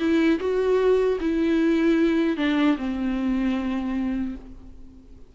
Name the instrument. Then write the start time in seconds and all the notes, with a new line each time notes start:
viola
0.00 E4
0.40 F#4
1.21 E4
2.37 D4
2.78 C4